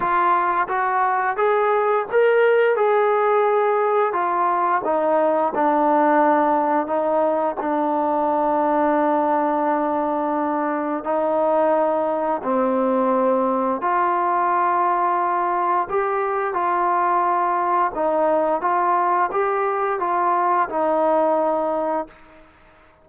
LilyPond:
\new Staff \with { instrumentName = "trombone" } { \time 4/4 \tempo 4 = 87 f'4 fis'4 gis'4 ais'4 | gis'2 f'4 dis'4 | d'2 dis'4 d'4~ | d'1 |
dis'2 c'2 | f'2. g'4 | f'2 dis'4 f'4 | g'4 f'4 dis'2 | }